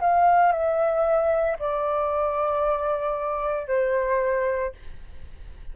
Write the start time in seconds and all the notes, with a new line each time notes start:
0.00 F5
0.52 E5
1.59 D5
3.67 C5